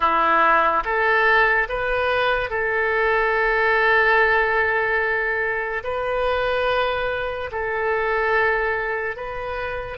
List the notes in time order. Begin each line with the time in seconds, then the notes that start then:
0.00 E4
0.84 A4
1.69 B4
2.50 A4
5.83 B4
7.51 A4
9.16 B4